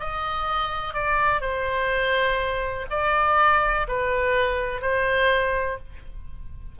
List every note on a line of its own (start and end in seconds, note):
0.00 0.94 D#5
0.94 1.41 D5
1.41 2.86 C5
2.90 3.87 D5
3.88 4.82 B4
4.82 5.78 C5